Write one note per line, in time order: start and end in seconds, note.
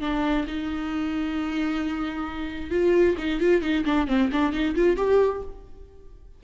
0.00 0.45 D4
0.47 2.70 D#4
2.70 3.15 F4
3.17 3.40 D#4
3.40 3.62 F4
3.62 3.84 D#4
3.85 4.07 D4
4.07 4.30 C4
4.32 4.52 D4
4.52 4.75 D#4
4.75 4.96 F4
4.96 5.41 G4